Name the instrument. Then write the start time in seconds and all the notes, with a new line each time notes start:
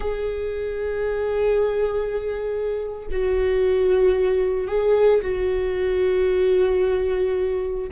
viola
0.00 G#4
3.11 F#4
4.67 G#4
5.21 F#4